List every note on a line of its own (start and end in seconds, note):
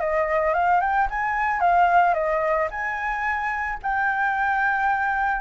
0.00 0.54 D#5
0.54 0.81 F5
0.81 1.08 G5
1.10 1.60 G#5
1.60 2.14 F5
2.14 2.68 D#5
2.70 3.78 G#5
3.83 5.41 G5